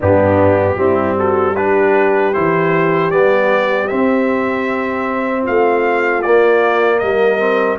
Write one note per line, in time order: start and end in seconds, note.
0.00 0.75 G2
0.00 0.77 B3
0.00 0.76 D4
0.00 1.18 G4
0.75 2.31 G3
0.75 1.55 C4
0.75 1.17 E4
1.18 1.56 F#4
1.18 1.55 A4
1.55 2.33 D4
1.55 5.42 G4
1.55 2.33 B4
2.33 3.11 E3
2.33 3.11 E4
2.33 3.11 C5
3.11 3.89 G3
3.11 3.89 B3
3.11 3.87 D5
3.87 6.23 C4
3.87 5.47 C4
3.87 5.43 E5
5.42 6.25 A3
5.42 6.98 F4
5.42 6.22 F5
6.22 7.39 A#3
6.22 7.01 A#3
6.22 6.98 D5
6.98 7.78 G3
6.98 7.78 A#4
6.98 7.76 D#5
7.39 7.78 C4